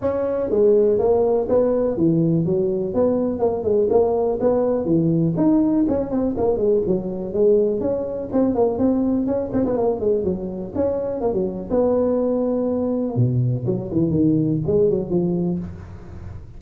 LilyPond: \new Staff \with { instrumentName = "tuba" } { \time 4/4 \tempo 4 = 123 cis'4 gis4 ais4 b4 | e4 fis4 b4 ais8 gis8 | ais4 b4 e4 dis'4 | cis'8 c'8 ais8 gis8 fis4 gis4 |
cis'4 c'8 ais8 c'4 cis'8 c'16 b16 | ais8 gis8 fis4 cis'4 ais16 fis8. | b2. b,4 | fis8 e8 dis4 gis8 fis8 f4 | }